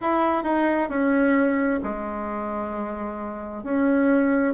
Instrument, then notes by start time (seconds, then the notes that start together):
bassoon
0.01 E4
0.43 D#4
0.89 C#4
1.83 G#3
3.63 C#4